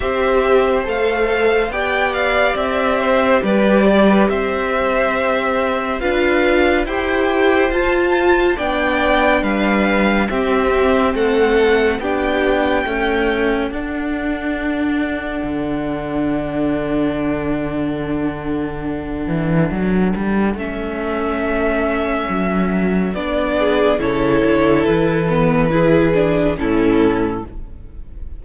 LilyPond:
<<
  \new Staff \with { instrumentName = "violin" } { \time 4/4 \tempo 4 = 70 e''4 f''4 g''8 f''8 e''4 | d''4 e''2 f''4 | g''4 a''4 g''4 f''4 | e''4 fis''4 g''2 |
fis''1~ | fis''1 | e''2. d''4 | cis''4 b'2 a'4 | }
  \new Staff \with { instrumentName = "violin" } { \time 4/4 c''2 d''4. c''8 | b'8 d''16 b'16 c''2 b'4 | c''2 d''4 b'4 | g'4 a'4 g'4 a'4~ |
a'1~ | a'1~ | a'2.~ a'8 gis'8 | a'2 gis'4 e'4 | }
  \new Staff \with { instrumentName = "viola" } { \time 4/4 g'4 a'4 g'2~ | g'2. f'4 | g'4 f'4 d'2 | c'2 d'4 a4 |
d'1~ | d'1 | cis'2. d'4 | e'4. b8 e'8 d'8 cis'4 | }
  \new Staff \with { instrumentName = "cello" } { \time 4/4 c'4 a4 b4 c'4 | g4 c'2 d'4 | e'4 f'4 b4 g4 | c'4 a4 b4 cis'4 |
d'2 d2~ | d2~ d8 e8 fis8 g8 | a2 fis4 b4 | cis8 d8 e2 a,4 | }
>>